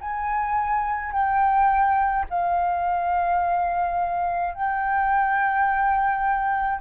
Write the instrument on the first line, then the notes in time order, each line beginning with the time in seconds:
flute
0.00 G#5
1.12 G5
2.30 F5
4.54 G5